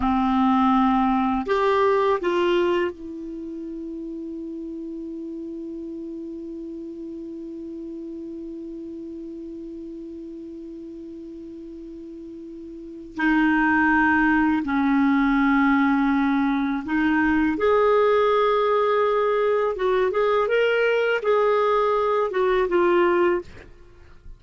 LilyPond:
\new Staff \with { instrumentName = "clarinet" } { \time 4/4 \tempo 4 = 82 c'2 g'4 f'4 | e'1~ | e'1~ | e'1~ |
e'2 dis'2 | cis'2. dis'4 | gis'2. fis'8 gis'8 | ais'4 gis'4. fis'8 f'4 | }